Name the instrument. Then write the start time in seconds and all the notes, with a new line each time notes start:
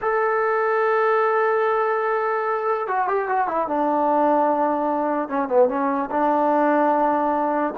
trombone
0.01 A4
2.87 F#4
3.07 G4
3.28 F#4
3.47 E4
3.67 D4
5.29 C#4
5.48 B3
5.68 C#4
6.10 D4